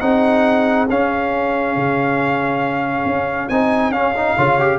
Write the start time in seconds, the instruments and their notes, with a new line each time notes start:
0.00 tuba C4, trombone D#4, horn G#4, trumpet F#5
0.90 tuba C#4, trombone C#4, trumpet F5
1.76 tuba C#3
3.05 tuba C#4
3.49 tuba C4, trombone D#4, trumpet G#5
3.91 tuba C#4, trombone C#4, trumpet F5
4.16 trombone D#4
4.36 tuba C#3, trombone F4, horn C#5
4.60 trombone G4